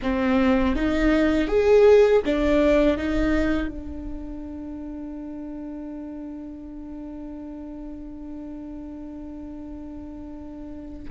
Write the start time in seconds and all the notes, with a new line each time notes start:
0.02 C4
0.75 D#4
1.47 G#4
2.25 D4
2.97 D#4
3.68 D4